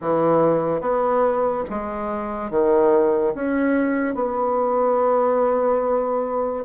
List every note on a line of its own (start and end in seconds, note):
0.01 0.80 E3
0.80 1.64 B3
1.70 2.50 G#3
2.50 3.33 D#3
3.34 4.14 C#4
4.14 6.64 B3